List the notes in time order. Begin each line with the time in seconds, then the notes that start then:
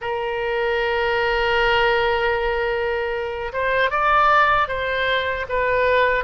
0.01 A#4
3.52 C5
3.90 D5
4.68 C5
5.48 B4